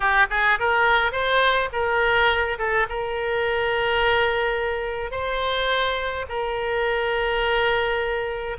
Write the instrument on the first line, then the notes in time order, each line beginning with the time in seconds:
oboe
0.00 G4
0.30 G#4
0.59 A#4
1.12 C5
1.72 A#4
2.58 A4
2.89 A#4
5.11 C5
6.28 A#4